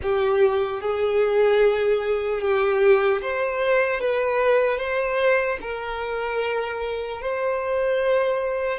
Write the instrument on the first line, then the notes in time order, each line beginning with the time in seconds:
violin
0.02 G4
0.81 G#4
2.41 G4
3.21 C5
4.00 B4
4.78 C5
5.61 A#4
7.21 C5